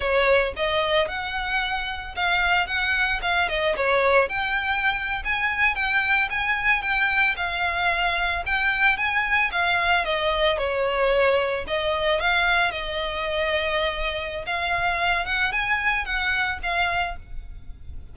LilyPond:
\new Staff \with { instrumentName = "violin" } { \time 4/4 \tempo 4 = 112 cis''4 dis''4 fis''2 | f''4 fis''4 f''8 dis''8 cis''4 | g''4.~ g''16 gis''4 g''4 gis''16~ | gis''8. g''4 f''2 g''16~ |
g''8. gis''4 f''4 dis''4 cis''16~ | cis''4.~ cis''16 dis''4 f''4 dis''16~ | dis''2. f''4~ | f''8 fis''8 gis''4 fis''4 f''4 | }